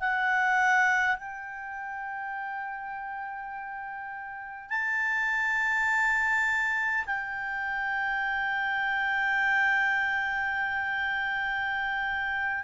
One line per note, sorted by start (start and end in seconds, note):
0.00 1.17 F#5
1.17 4.70 G5
4.70 7.05 A5
7.06 12.64 G5